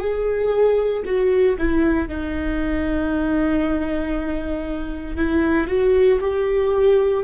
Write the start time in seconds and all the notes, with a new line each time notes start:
0.00 G#4
1.05 F#4
1.58 E4
2.08 D#4
5.16 E4
5.68 F#4
6.21 G4